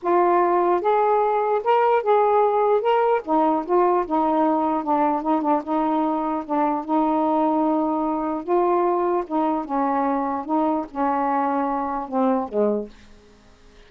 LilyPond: \new Staff \with { instrumentName = "saxophone" } { \time 4/4 \tempo 4 = 149 f'2 gis'2 | ais'4 gis'2 ais'4 | dis'4 f'4 dis'2 | d'4 dis'8 d'8 dis'2 |
d'4 dis'2.~ | dis'4 f'2 dis'4 | cis'2 dis'4 cis'4~ | cis'2 c'4 gis4 | }